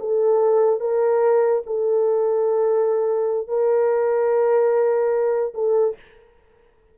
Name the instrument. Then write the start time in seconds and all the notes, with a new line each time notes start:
horn
0.00 A4
0.80 A#4
1.66 A4
3.48 A#4
5.54 A4